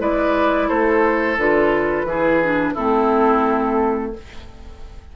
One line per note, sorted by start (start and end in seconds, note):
0.00 0.69 G#3
0.00 1.38 E4
0.00 0.69 B4
0.00 0.69 D5
0.69 1.38 A3
0.69 2.06 A4
0.69 1.38 C5
1.38 2.04 D3
1.38 2.08 F4
1.38 2.76 B4
2.04 2.73 E3
2.04 2.42 E4
2.04 2.74 G#4
2.44 2.76 D4
2.74 4.17 A3
2.74 4.14 C4
2.74 4.12 E4
2.74 4.14 A4